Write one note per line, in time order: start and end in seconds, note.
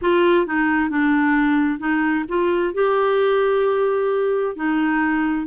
0.01 0.46 F4
0.46 0.89 D#4
0.89 1.79 D4
1.79 2.24 D#4
2.28 2.74 F4
2.74 4.55 G4
4.55 5.46 D#4